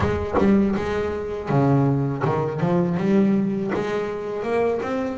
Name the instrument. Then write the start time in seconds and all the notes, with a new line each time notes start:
double bass
0.00 G#3
0.38 G3
0.76 G#3
1.48 C#3
2.24 D#3
2.60 F3
2.97 G3
3.74 G#3
4.42 A#3
4.82 C4